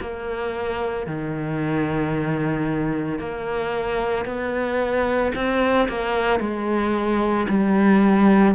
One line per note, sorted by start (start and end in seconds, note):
0.00 1.06 A#3
1.06 3.19 D#3
3.19 4.25 A#3
4.25 5.32 B3
5.34 5.88 C4
5.88 6.39 A#3
6.39 7.47 G#3
7.48 8.55 G3